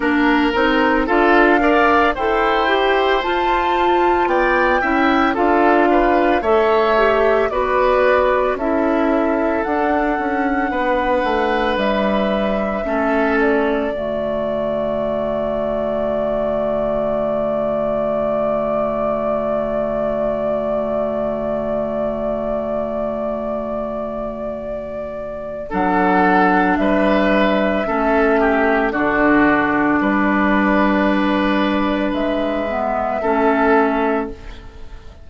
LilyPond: <<
  \new Staff \with { instrumentName = "flute" } { \time 4/4 \tempo 4 = 56 ais'4 f''4 g''4 a''4 | g''4 f''4 e''4 d''4 | e''4 fis''2 e''4~ | e''8 d''2.~ d''8~ |
d''1~ | d''1 | fis''4 e''2 d''4~ | d''2 e''2 | }
  \new Staff \with { instrumentName = "oboe" } { \time 4/4 ais'4 a'8 d''8 c''2 | d''8 e''8 a'8 b'8 cis''4 b'4 | a'2 b'2 | a'4 fis'2.~ |
fis'1~ | fis'1 | a'4 b'4 a'8 g'8 fis'4 | b'2. a'4 | }
  \new Staff \with { instrumentName = "clarinet" } { \time 4/4 d'8 dis'8 f'8 ais'8 a'8 g'8 f'4~ | f'8 e'8 f'4 a'8 g'8 fis'4 | e'4 d'2. | cis'4 a2.~ |
a1~ | a1 | d'2 cis'4 d'4~ | d'2~ d'8 b8 cis'4 | }
  \new Staff \with { instrumentName = "bassoon" } { \time 4/4 ais8 c'8 d'4 e'4 f'4 | b8 cis'8 d'4 a4 b4 | cis'4 d'8 cis'8 b8 a8 g4 | a4 d2.~ |
d1~ | d1 | fis4 g4 a4 d4 | g2 gis4 a4 | }
>>